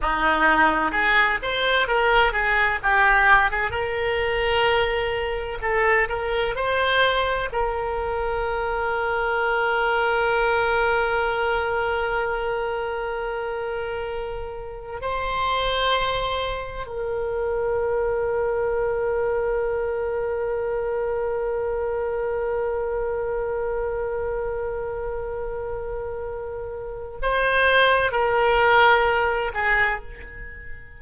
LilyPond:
\new Staff \with { instrumentName = "oboe" } { \time 4/4 \tempo 4 = 64 dis'4 gis'8 c''8 ais'8 gis'8 g'8. gis'16 | ais'2 a'8 ais'8 c''4 | ais'1~ | ais'1 |
c''2 ais'2~ | ais'1~ | ais'1~ | ais'4 c''4 ais'4. gis'8 | }